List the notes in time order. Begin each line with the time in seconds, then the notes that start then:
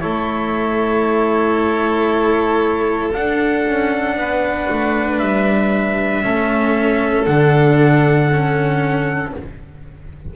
0.00 A3 E4 A4 C#5
3.14 D4 F#5
3.67 C#4
4.16 B3 B4
4.70 A3
5.19 G3 E5
6.23 A3 C#4 A4
7.26 D3 D4 F#5
8.32 C#4